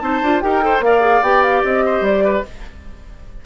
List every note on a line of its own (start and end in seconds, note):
0.00 0.22 C4
0.00 0.21 D#4
0.00 0.44 C5
0.00 0.41 A5
0.22 0.42 D4
0.22 0.42 F4
0.41 0.80 D#4
0.41 0.62 G4
0.41 0.64 A#4
0.41 0.81 G5
0.62 0.82 A4
0.62 0.85 C5
0.80 1.21 A#3
0.80 1.01 A#4
0.80 1.86 D5
0.80 1.23 F5
1.01 1.21 G#4
1.22 1.63 B3
1.22 2.46 G4
1.22 1.43 G5
1.43 1.63 F5
1.65 2.01 C4
1.65 2.05 D#5
1.86 2.25 C5
2.01 2.41 G3
2.01 2.46 D5
2.25 2.45 B4